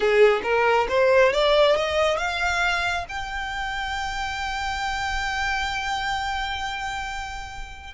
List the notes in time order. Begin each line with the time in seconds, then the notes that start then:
0.00 G#4
0.43 A#4
0.88 C5
1.32 D5
1.75 D#5
2.17 F5
3.08 G5